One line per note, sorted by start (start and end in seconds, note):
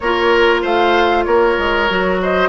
0.00 0.63 A#3
0.00 1.89 F4
0.00 0.61 A#4
0.00 0.61 C#5
0.61 1.26 A3
0.61 1.24 C5
0.61 1.23 F5
1.23 1.57 A#3
1.23 2.21 A#4
1.23 2.17 C#5
1.58 1.89 G#3
1.89 2.48 F#3
1.89 2.48 F#4
2.22 2.48 C5
2.22 2.48 D#5